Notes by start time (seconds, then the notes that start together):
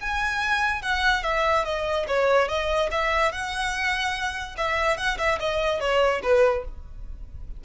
0.00 G#5
0.82 F#5
1.23 E5
1.64 D#5
2.07 C#5
2.48 D#5
2.91 E5
3.32 F#5
4.57 E5
4.97 F#5
5.18 E5
5.39 D#5
5.80 C#5
6.23 B4